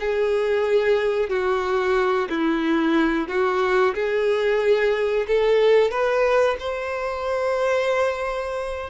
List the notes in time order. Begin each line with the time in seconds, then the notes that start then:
0.00 G#4
1.30 F#4
2.30 E4
3.28 F#4
3.95 G#4
5.27 A4
5.91 B4
6.60 C5